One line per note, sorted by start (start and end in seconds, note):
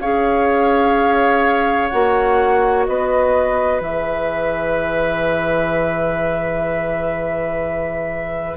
0.00 1.90 C#4
0.00 1.92 G#4
0.00 2.87 C#5
0.00 1.89 F5
1.89 2.88 A#3
1.89 3.82 F#4
1.89 2.85 F#5
2.86 3.81 B3
2.86 8.58 B4
2.86 3.81 D#5
3.81 8.57 E3
3.81 8.58 G#4
3.81 8.58 E5